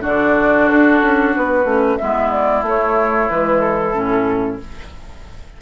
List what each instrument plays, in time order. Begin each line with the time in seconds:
0.00 bassoon D3, clarinet D4, oboe F#4, flute D5
0.69 bassoon D4, flute A4
1.02 bassoon C#4
1.36 bassoon B3, flute B4
1.64 bassoon A3, clarinet C#4
1.98 bassoon G#3, clarinet B3, oboe E4, flute E5
2.31 flute D5
2.62 bassoon A3, clarinet A3, flute C#5
3.29 bassoon E3, clarinet G#3, flute B4
3.60 flute A4
3.94 bassoon A2, clarinet C#4